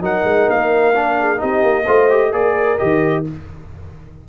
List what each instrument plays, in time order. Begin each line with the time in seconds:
0.00 tuba F#3, trombone D#4, horn A#4, trumpet F#5
0.23 tuba G#3
0.49 tuba A#3, trumpet F5
0.95 trombone D4
1.19 horn G#4
1.36 tuba C4, trombone D#4, horn G4, trumpet D#5
1.62 tuba A#3
1.84 tuba A3, trombone F4, horn C5
2.09 trombone G4
2.30 tuba A#3, trombone G#4, horn A#4, trumpet D5
2.77 tuba D#3, trombone G4, trumpet D#5